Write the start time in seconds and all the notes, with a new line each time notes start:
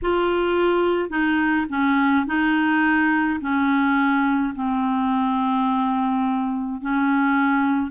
0.02 F4
1.09 D#4
1.69 C#4
2.26 D#4
3.40 C#4
4.55 C4
6.81 C#4